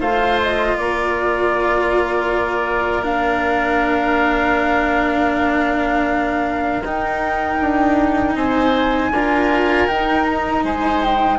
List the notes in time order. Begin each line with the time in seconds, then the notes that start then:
0.00 A3 F4 C5 F5
0.42 D#5
0.74 A#3 D5
0.80 A#4
3.02 D4 F5
6.82 D#4 G5
7.61 D4
8.35 C4 C5 G#5
9.12 D4 F4 A#4
9.87 D#4 G5
10.26 A#5
10.63 G#3 C5 G#5
11.03 G5